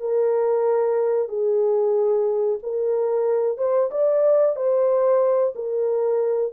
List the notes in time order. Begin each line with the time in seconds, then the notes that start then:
0.00 A#4
1.28 G#4
2.63 A#4
3.57 C5
3.91 D5
4.56 C5
5.55 A#4